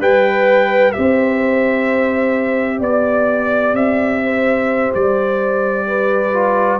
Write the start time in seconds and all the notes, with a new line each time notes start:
0.00 G3 B4 G5
0.92 C4 G4 C5 E5
2.79 B3 D5
3.73 C4 E5
4.23 C5
4.94 G3 D5
5.87 B4
6.33 F4